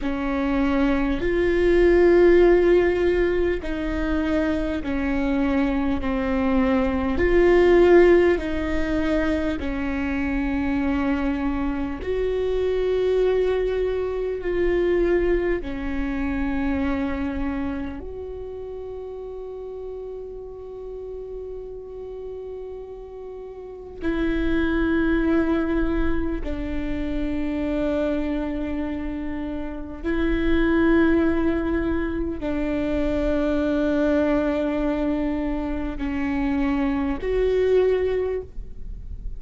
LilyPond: \new Staff \with { instrumentName = "viola" } { \time 4/4 \tempo 4 = 50 cis'4 f'2 dis'4 | cis'4 c'4 f'4 dis'4 | cis'2 fis'2 | f'4 cis'2 fis'4~ |
fis'1 | e'2 d'2~ | d'4 e'2 d'4~ | d'2 cis'4 fis'4 | }